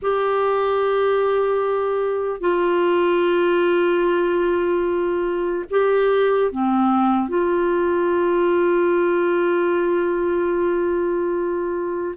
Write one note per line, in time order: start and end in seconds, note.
0.01 2.40 G4
2.40 5.64 F4
5.70 6.51 G4
6.51 7.28 C4
7.28 12.14 F4